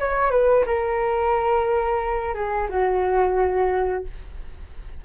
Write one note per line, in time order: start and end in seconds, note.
0.00 0.31 C#5
0.31 0.65 B4
0.66 2.34 A#4
2.34 2.68 G#4
2.69 4.04 F#4